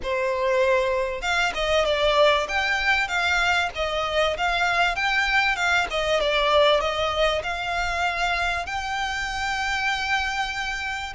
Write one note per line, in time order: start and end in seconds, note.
0.03 1.21 C5
1.21 1.52 F5
1.54 1.85 D#5
1.85 2.47 D5
2.48 3.08 G5
3.08 3.69 F5
3.75 4.37 D#5
4.37 4.95 F5
4.95 5.55 G5
5.55 5.86 F5
5.90 6.20 D#5
6.20 6.80 D5
6.80 7.42 D#5
7.43 8.66 F5
8.66 11.13 G5